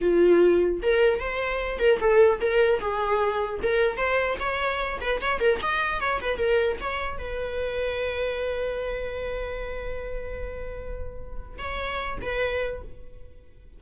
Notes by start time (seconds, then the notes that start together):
0.01 F4
0.82 A#4
1.19 C5
1.79 A#4
2.00 A4
2.40 A#4
2.79 G#4
3.62 A#4
3.97 C5
4.39 C#5
5.00 B4
5.21 C#5
5.39 A#4
5.62 D#5
6.00 C#5
6.20 B4
6.37 A#4
6.80 C#5
7.18 B4
11.58 C#5
12.21 B4